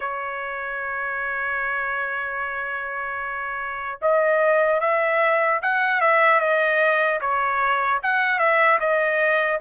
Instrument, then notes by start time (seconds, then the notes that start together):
trumpet
0.00 C#5
4.01 D#5
4.80 E5
5.62 F#5
6.00 E5
6.40 D#5
7.20 C#5
8.03 F#5
8.38 E5
8.80 D#5